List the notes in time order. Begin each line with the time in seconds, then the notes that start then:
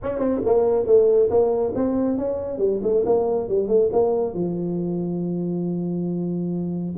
0.02 C#4
0.19 C4
0.45 A#3
0.86 A3
1.29 A#3
1.75 C4
2.17 C#4
2.58 G3
2.82 A3
3.05 A#3
3.48 G3
3.68 A3
3.92 A#3
4.34 F3